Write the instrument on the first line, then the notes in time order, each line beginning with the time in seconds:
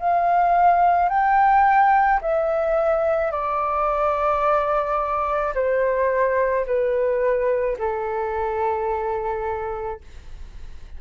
flute
0.00 F5
1.10 G5
2.22 E5
3.32 D5
5.55 C5
6.67 B4
7.79 A4